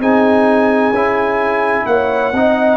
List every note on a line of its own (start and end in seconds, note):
0.00 0.91 C4
0.00 0.94 D#4
0.00 1.85 G#4
0.00 1.86 G#5
0.91 1.84 C#4
0.91 2.34 E4
1.86 2.32 A#3
1.86 2.34 C#5
1.86 2.77 F#5
2.33 2.77 C4
2.33 2.77 D#4
2.33 2.77 D#5